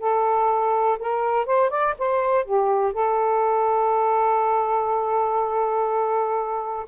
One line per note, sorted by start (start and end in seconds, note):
0.00 0.98 A4
0.99 1.46 A#4
1.46 1.70 C5
1.70 1.94 D5
1.99 2.45 C5
2.45 2.93 G4
2.93 6.86 A4